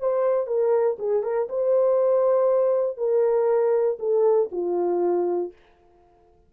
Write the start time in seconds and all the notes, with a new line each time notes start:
0.00 C5
0.47 A#4
0.99 G#4
1.23 A#4
1.49 C5
2.97 A#4
3.99 A4
4.52 F4